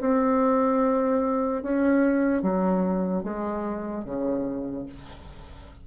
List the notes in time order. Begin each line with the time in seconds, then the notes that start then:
0.00 C4
1.62 C#4
2.42 F#3
3.23 G#3
4.04 C#3